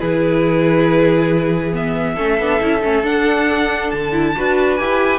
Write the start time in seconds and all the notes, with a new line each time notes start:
0.00 E3 E4 G#4 B4
1.73 B3 E5
2.15 A3 C#4 A4
2.39 B3 D4
2.61 C#4 E4
2.83 A3 C#4
3.04 D4 F#5
3.91 D3 A5
4.12 E4
4.36 D4 F#4 B4
4.76 E4 G4 G#5